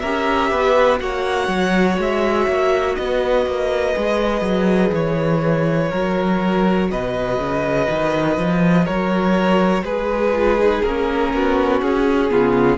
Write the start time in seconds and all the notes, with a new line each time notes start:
0.00 C#4 G4 A#4 E5
0.51 B3 B4
0.99 A#3 F#4 C#5 F#5
1.48 F#3
1.99 G#3 E5
2.48 A#3
2.95 B3 B4 D#5
3.47 A#3
3.95 G#3 G#4
4.42 F#3
4.93 E3 C#5
5.91 F#3 F#4 A#4
6.91 B2 B4 D#5
7.39 C#3
7.90 D#3
8.38 F3
8.85 F#3 A#4 C#5
9.83 G#3 G#4 B4
10.34 F4
10.59 D#4
10.83 A#3 C#4 A#4
11.33 B3 F#4
11.82 C#4 G#4
12.30 C#3 B3 F4